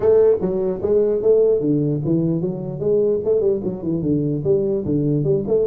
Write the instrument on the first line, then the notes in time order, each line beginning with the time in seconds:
tuba
0.00 A3
0.41 F#3
0.81 G#3
1.22 A3
1.60 D3
2.04 E3
2.41 F#3
2.79 G#3
3.24 A3
3.40 G3
3.63 F#3
3.83 E3
4.02 D3
4.44 G3
4.85 D3
5.23 G3
5.47 A3